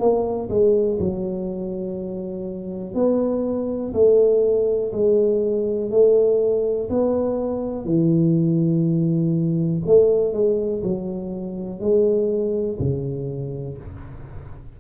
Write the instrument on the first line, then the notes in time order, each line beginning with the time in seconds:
tuba
0.00 A#3
0.49 G#3
0.99 F#3
2.94 B3
3.93 A3
4.92 G#3
5.91 A3
6.89 B3
7.85 E3
9.86 A3
10.33 G#3
10.83 F#3
11.80 G#3
12.79 C#3